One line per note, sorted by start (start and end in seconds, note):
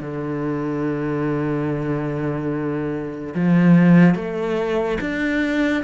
0.00 3.33 D3
3.34 4.14 F3
4.14 4.98 A3
5.00 5.83 D4